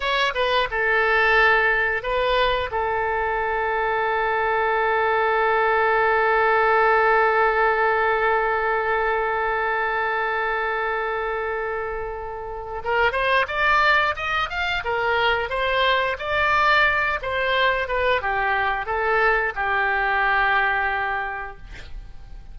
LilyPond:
\new Staff \with { instrumentName = "oboe" } { \time 4/4 \tempo 4 = 89 cis''8 b'8 a'2 b'4 | a'1~ | a'1~ | a'1~ |
a'2. ais'8 c''8 | d''4 dis''8 f''8 ais'4 c''4 | d''4. c''4 b'8 g'4 | a'4 g'2. | }